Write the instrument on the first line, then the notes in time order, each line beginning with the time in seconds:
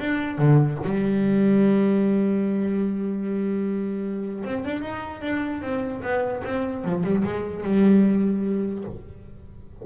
double bass
0.00 D4
0.38 D3
0.85 G3
4.45 C4
4.65 D4
4.82 D#4
5.22 D4
5.62 C4
6.03 B3
6.45 C4
6.85 F3
7.04 G3
7.24 G#3
7.64 G3